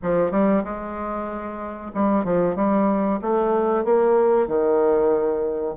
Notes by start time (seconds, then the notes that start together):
0.02 F3
0.31 G3
0.64 G#3
1.94 G3
2.24 F3
2.55 G3
3.21 A3
3.84 A#3
4.47 D#3